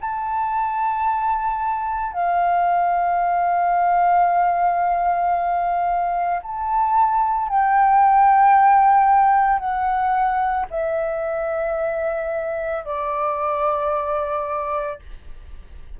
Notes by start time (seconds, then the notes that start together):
0.00 A5
2.12 F5
6.42 A5
7.48 G5
9.58 F#5
10.70 E5
12.84 D5